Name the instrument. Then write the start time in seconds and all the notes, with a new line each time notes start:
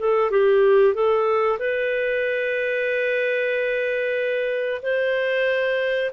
clarinet
0.00 A4
0.31 G4
0.95 A4
1.59 B4
4.82 C5